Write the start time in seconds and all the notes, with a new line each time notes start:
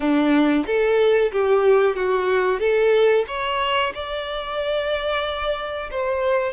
0.00 D4
0.66 A4
1.32 G4
1.96 F#4
2.59 A4
3.27 C#5
3.94 D5
5.91 C5